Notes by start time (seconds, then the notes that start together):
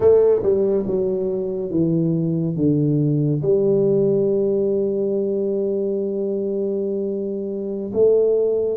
0.00 A3
0.42 G3
0.86 F#3
1.70 E3
2.56 D3
3.42 G3
7.93 A3